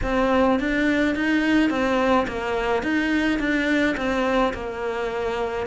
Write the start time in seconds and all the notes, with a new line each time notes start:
0.03 C4
0.59 D4
1.15 D#4
1.70 C4
2.27 A#3
2.83 D#4
3.39 D4
3.96 C4
4.53 A#3